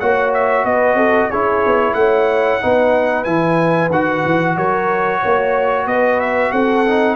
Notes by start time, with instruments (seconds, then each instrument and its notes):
0.00 tuba A#3, trombone F#4, horn C#5, trumpet F#5
0.34 trumpet E5
0.65 tuba B3, horn B4, trumpet D#5
0.95 tuba C4, horn A4
1.29 tuba C#4, trombone E4, horn G#4, trumpet C#5
1.67 tuba B3
1.94 tuba A3, horn C#5, trumpet F#5
2.62 tuba B3, trombone D#4, horn B4
3.25 tuba E3, trombone E4, trumpet G#5
3.91 tuba D#3, trombone F#4, trumpet F#5
4.26 tuba E3
4.57 tuba F#3, horn A#4, trumpet C#5
5.20 tuba A#3, horn C#5
5.87 tuba B3, horn B4, trumpet D#5
6.21 trumpet E5
6.51 tuba C4, horn A4, trumpet F#5
6.87 trombone D#4